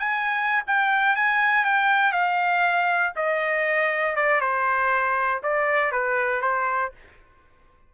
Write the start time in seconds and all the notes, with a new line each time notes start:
0.00 G#5
0.67 G5
1.16 G#5
1.65 G5
2.12 F5
3.16 D#5
4.16 D5
4.41 C5
5.43 D5
5.92 B4
6.42 C5